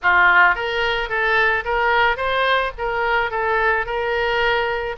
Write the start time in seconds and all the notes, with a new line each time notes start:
0.02 F4
0.55 A#4
1.09 A4
1.64 A#4
2.16 C5
2.77 A#4
3.30 A4
3.85 A#4